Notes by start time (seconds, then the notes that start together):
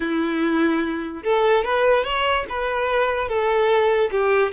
0.00 E4
1.23 A4
1.64 B4
2.04 C#5
2.49 B4
3.28 A4
4.11 G4